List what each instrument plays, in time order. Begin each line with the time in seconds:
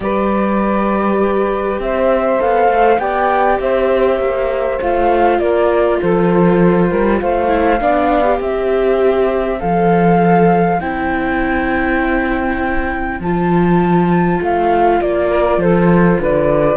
0.00 cello G3, viola G4, saxophone B4, flute D5
1.79 cello C4, saxophone C5, flute E5
2.39 cello B3, viola A4, flute F5
2.68 cello A3
2.98 cello B3, viola G4, saxophone D5, flute G5
3.59 cello C4, saxophone C5, flute E5
4.18 cello A#3
4.81 cello A3, viola F4, flute F5
5.38 cello A#3, saxophone A#4, flute D5
6.01 cello F3, saxophone A4, flute C5
6.88 cello G3, saxophone A#4
7.20 cello A3, saxophone C5, flute F5
7.48 viola E4
7.80 cello B3, viola D4, saxophone D5
8.23 viola G4
8.39 cello C4, saxophone C5, flute E5
9.59 cello F3, viola A4, flute F5
10.80 cello C4, viola E4, flute G5
13.19 cello F3, viola F4, flute A5
14.40 cello A3, flute F5
15.01 cello A#3, flute D5
15.29 saxophone A#4
15.57 cello F3, saxophone A4, flute C5
16.19 cello D3, saxophone B4, flute D5